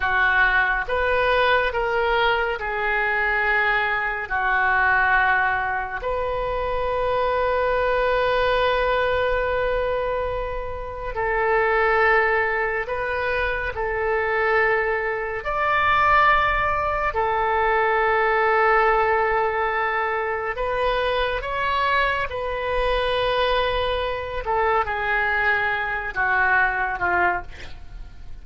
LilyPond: \new Staff \with { instrumentName = "oboe" } { \time 4/4 \tempo 4 = 70 fis'4 b'4 ais'4 gis'4~ | gis'4 fis'2 b'4~ | b'1~ | b'4 a'2 b'4 |
a'2 d''2 | a'1 | b'4 cis''4 b'2~ | b'8 a'8 gis'4. fis'4 f'8 | }